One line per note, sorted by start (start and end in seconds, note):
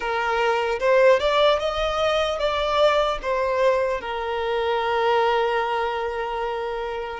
0.00 0.79 A#4
0.79 1.19 C5
1.19 1.59 D5
1.59 2.38 D#5
2.38 3.18 D5
3.21 4.00 C5
4.00 7.20 A#4